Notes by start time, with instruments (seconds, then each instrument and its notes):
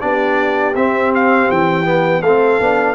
0.00 tuba B3, trombone D4, horn G4, trumpet D5
0.74 tuba C4, trombone C4, trumpet E5
1.14 trumpet F5
1.50 tuba E3, trumpet G5
1.85 trombone B3
2.21 tuba A3, trombone C4, horn A4, trumpet F5
2.60 tuba B3, trombone D4